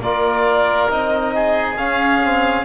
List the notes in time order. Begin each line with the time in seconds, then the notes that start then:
0.00 A#3 F4 A#4 D5
0.89 C4 D#4 D#5
1.35 G#4
1.77 C#4 F5
2.22 C4